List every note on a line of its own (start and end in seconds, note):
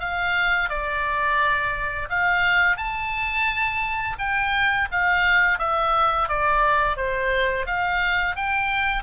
0.00 0.70 F5
0.70 2.09 D5
2.10 2.77 F5
2.77 4.17 A5
4.19 4.89 G5
4.92 5.59 F5
5.59 6.29 E5
6.29 6.97 D5
6.97 7.66 C5
7.67 8.36 F5
8.36 9.03 G5